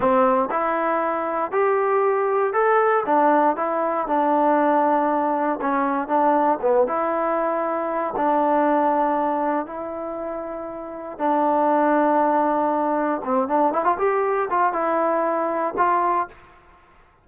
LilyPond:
\new Staff \with { instrumentName = "trombone" } { \time 4/4 \tempo 4 = 118 c'4 e'2 g'4~ | g'4 a'4 d'4 e'4 | d'2. cis'4 | d'4 b8 e'2~ e'8 |
d'2. e'4~ | e'2 d'2~ | d'2 c'8 d'8 e'16 f'16 g'8~ | g'8 f'8 e'2 f'4 | }